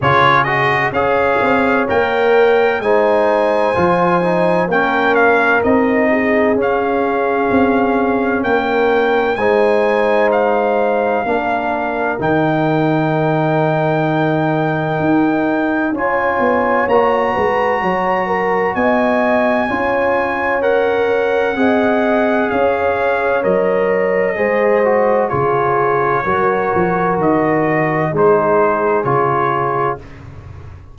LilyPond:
<<
  \new Staff \with { instrumentName = "trumpet" } { \time 4/4 \tempo 4 = 64 cis''8 dis''8 f''4 g''4 gis''4~ | gis''4 g''8 f''8 dis''4 f''4~ | f''4 g''4 gis''4 f''4~ | f''4 g''2.~ |
g''4 gis''4 ais''2 | gis''2 fis''2 | f''4 dis''2 cis''4~ | cis''4 dis''4 c''4 cis''4 | }
  \new Staff \with { instrumentName = "horn" } { \time 4/4 gis'4 cis''2 c''4~ | c''4 ais'4. gis'4.~ | gis'4 ais'4 c''2 | ais'1~ |
ais'4 cis''4. b'8 cis''8 ais'8 | dis''4 cis''2 dis''4 | cis''2 c''4 gis'4 | ais'2 gis'2 | }
  \new Staff \with { instrumentName = "trombone" } { \time 4/4 f'8 fis'8 gis'4 ais'4 dis'4 | f'8 dis'8 cis'4 dis'4 cis'4~ | cis'2 dis'2 | d'4 dis'2.~ |
dis'4 f'4 fis'2~ | fis'4 f'4 ais'4 gis'4~ | gis'4 ais'4 gis'8 fis'8 f'4 | fis'2 dis'4 f'4 | }
  \new Staff \with { instrumentName = "tuba" } { \time 4/4 cis4 cis'8 c'8 ais4 gis4 | f4 ais4 c'4 cis'4 | c'4 ais4 gis2 | ais4 dis2. |
dis'4 cis'8 b8 ais8 gis8 fis4 | b4 cis'2 c'4 | cis'4 fis4 gis4 cis4 | fis8 f8 dis4 gis4 cis4 | }
>>